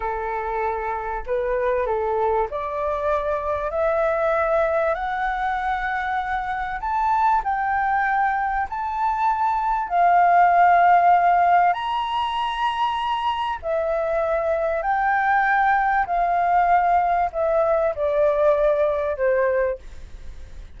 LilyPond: \new Staff \with { instrumentName = "flute" } { \time 4/4 \tempo 4 = 97 a'2 b'4 a'4 | d''2 e''2 | fis''2. a''4 | g''2 a''2 |
f''2. ais''4~ | ais''2 e''2 | g''2 f''2 | e''4 d''2 c''4 | }